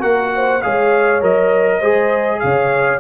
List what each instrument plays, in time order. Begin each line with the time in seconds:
0.00 tuba A#3, trombone F#4, horn A#4, trumpet F#5
0.35 horn C5
0.62 tuba G#3, trombone G#4, horn C#5, trumpet F5
1.21 tuba F#3, trombone A#4, trumpet D#5
1.80 tuba G#3, trombone G#4, horn C5
2.40 tuba C#3, horn C#5, trumpet F5